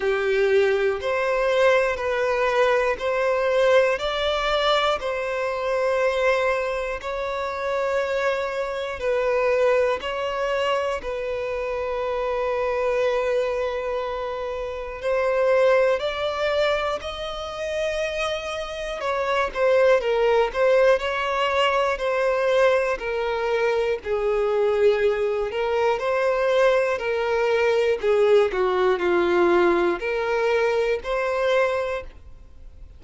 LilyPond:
\new Staff \with { instrumentName = "violin" } { \time 4/4 \tempo 4 = 60 g'4 c''4 b'4 c''4 | d''4 c''2 cis''4~ | cis''4 b'4 cis''4 b'4~ | b'2. c''4 |
d''4 dis''2 cis''8 c''8 | ais'8 c''8 cis''4 c''4 ais'4 | gis'4. ais'8 c''4 ais'4 | gis'8 fis'8 f'4 ais'4 c''4 | }